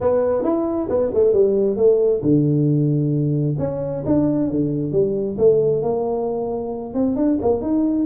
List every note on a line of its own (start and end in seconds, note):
0.00 0.43 B3
0.43 0.88 E4
0.89 1.11 B3
1.13 1.33 A3
1.33 1.76 G3
1.76 2.21 A3
2.21 3.56 D3
3.58 4.03 C#4
4.05 4.50 D4
4.50 4.92 D3
4.92 5.36 G3
5.38 5.82 A3
5.82 6.93 A#3
6.93 7.15 C4
7.15 7.38 D4
7.41 7.61 A#3
7.61 8.06 D#4